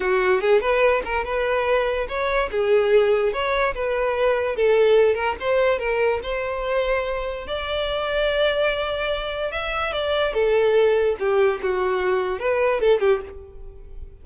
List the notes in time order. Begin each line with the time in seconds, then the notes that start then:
0.00 F#4
0.40 G#4
0.60 B4
1.04 A#4
1.24 B4
2.08 C#5
2.51 G#4
3.32 C#5
3.74 B4
4.56 A4
5.14 A#4
5.39 C5
5.78 A#4
6.23 C5
7.47 D5
9.51 E5
9.92 D5
10.33 A4
11.19 G4
11.62 F#4
12.39 B4
12.80 A4
13.00 G4